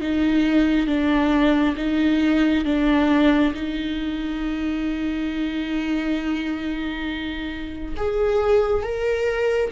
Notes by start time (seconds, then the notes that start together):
0.00 D#4
0.87 D4
1.76 D#4
2.65 D4
3.54 D#4
7.96 G#4
8.82 A#4